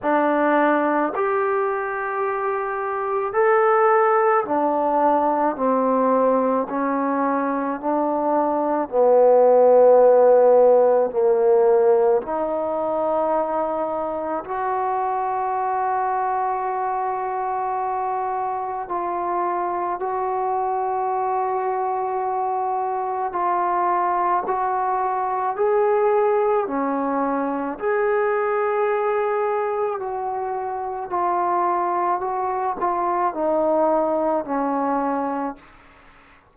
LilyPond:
\new Staff \with { instrumentName = "trombone" } { \time 4/4 \tempo 4 = 54 d'4 g'2 a'4 | d'4 c'4 cis'4 d'4 | b2 ais4 dis'4~ | dis'4 fis'2.~ |
fis'4 f'4 fis'2~ | fis'4 f'4 fis'4 gis'4 | cis'4 gis'2 fis'4 | f'4 fis'8 f'8 dis'4 cis'4 | }